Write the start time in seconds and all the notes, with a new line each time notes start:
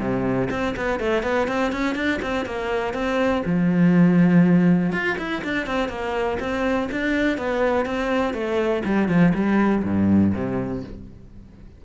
0.00 C3
0.51 C4
0.77 B3
1.00 A3
1.23 B3
1.48 C4
1.72 C#4
1.95 D4
2.22 C4
2.46 A#3
2.94 C4
3.46 F3
4.92 F4
5.18 E4
5.44 D4
5.67 C4
5.89 A#3
6.40 C4
6.92 D4
7.38 B3
7.86 C4
8.34 A3
8.85 G3
9.09 F3
9.34 G3
9.84 G2
10.34 C3